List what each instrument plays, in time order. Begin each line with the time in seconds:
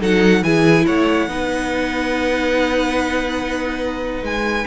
0.00 cello F#3, viola D#4, violin A4 F#5
0.43 cello E3, viola E4, violin G#4 G#5
0.86 cello A3, violin C#5 F#5
1.28 cello B3, viola D#4, violin B4
4.22 cello G#3, violin G#5